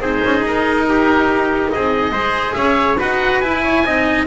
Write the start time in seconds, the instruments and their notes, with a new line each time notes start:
0.00 double bass C4, cello D#4, trumpet G#4, oboe C5
0.24 double bass C#4
0.41 double bass D#4, oboe A#4
0.89 trumpet G4
1.72 double bass C4, trumpet G#4, oboe D#5
2.11 double bass G#3, cello G#4, trumpet C5
2.53 double bass C#4, trumpet C#5, oboe E5
2.99 double bass D#4, cello F#4, trumpet B4, oboe F#5
3.40 double bass E4, cello E4, oboe G#5
3.62 trumpet C#5
3.85 double bass C4, cello D#4, trumpet D#5